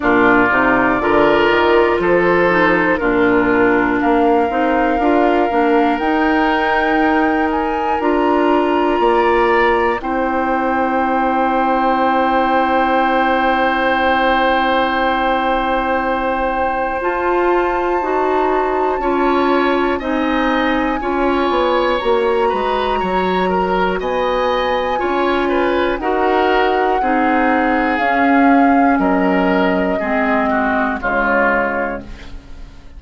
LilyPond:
<<
  \new Staff \with { instrumentName = "flute" } { \time 4/4 \tempo 4 = 60 d''2 c''4 ais'4 | f''2 g''4. gis''8 | ais''2 g''2~ | g''1~ |
g''4 a''2. | gis''2 ais''2 | gis''2 fis''2 | f''4 dis''2 cis''4 | }
  \new Staff \with { instrumentName = "oboe" } { \time 4/4 f'4 ais'4 a'4 f'4 | ais'1~ | ais'4 d''4 c''2~ | c''1~ |
c''2. cis''4 | dis''4 cis''4. b'8 cis''8 ais'8 | dis''4 cis''8 b'8 ais'4 gis'4~ | gis'4 ais'4 gis'8 fis'8 f'4 | }
  \new Staff \with { instrumentName = "clarinet" } { \time 4/4 d'8 dis'8 f'4. dis'8 d'4~ | d'8 dis'8 f'8 d'8 dis'2 | f'2 e'2~ | e'1~ |
e'4 f'4 fis'4 f'4 | dis'4 f'4 fis'2~ | fis'4 f'4 fis'4 dis'4 | cis'2 c'4 gis4 | }
  \new Staff \with { instrumentName = "bassoon" } { \time 4/4 ais,8 c8 d8 dis8 f4 ais,4 | ais8 c'8 d'8 ais8 dis'2 | d'4 ais4 c'2~ | c'1~ |
c'4 f'4 dis'4 cis'4 | c'4 cis'8 b8 ais8 gis8 fis4 | b4 cis'4 dis'4 c'4 | cis'4 fis4 gis4 cis4 | }
>>